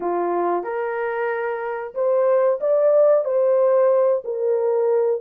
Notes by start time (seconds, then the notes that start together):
0.00 F4
0.63 A#4
1.94 C5
2.60 D5
3.25 C5
4.24 A#4